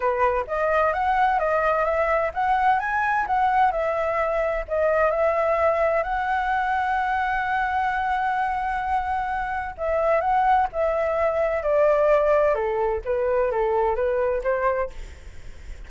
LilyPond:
\new Staff \with { instrumentName = "flute" } { \time 4/4 \tempo 4 = 129 b'4 dis''4 fis''4 dis''4 | e''4 fis''4 gis''4 fis''4 | e''2 dis''4 e''4~ | e''4 fis''2.~ |
fis''1~ | fis''4 e''4 fis''4 e''4~ | e''4 d''2 a'4 | b'4 a'4 b'4 c''4 | }